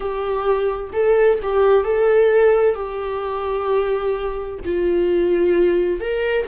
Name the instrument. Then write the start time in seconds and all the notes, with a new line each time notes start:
viola
0.00 G4
0.92 A4
1.42 G4
1.83 A4
2.74 G4
4.64 F4
6.00 A#4